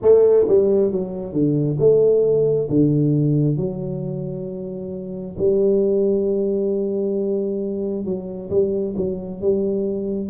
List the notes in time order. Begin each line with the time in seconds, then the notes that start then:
0.02 A3
0.48 G3
0.91 F#3
1.32 D3
1.79 A3
2.69 D3
3.57 F#3
5.37 G3
8.04 F#3
8.50 G3
8.96 F#3
9.41 G3